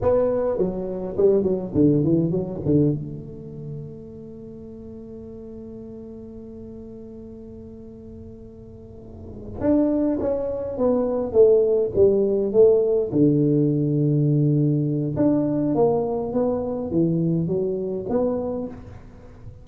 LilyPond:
\new Staff \with { instrumentName = "tuba" } { \time 4/4 \tempo 4 = 103 b4 fis4 g8 fis8 d8 e8 | fis8 d8 a2.~ | a1~ | a1~ |
a8 d'4 cis'4 b4 a8~ | a8 g4 a4 d4.~ | d2 d'4 ais4 | b4 e4 fis4 b4 | }